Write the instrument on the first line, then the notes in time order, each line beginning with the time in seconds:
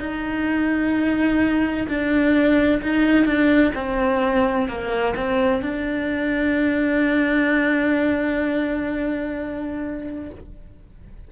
cello
0.00 D#4
1.88 D4
2.83 D#4
3.26 D4
3.76 C4
4.69 A#3
5.16 C4
5.62 D4